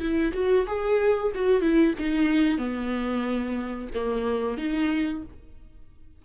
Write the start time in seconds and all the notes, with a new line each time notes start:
0.00 E4
0.33 F#4
0.67 G#4
1.35 F#4
1.62 E4
1.99 D#4
2.58 B3
3.95 A#3
4.58 D#4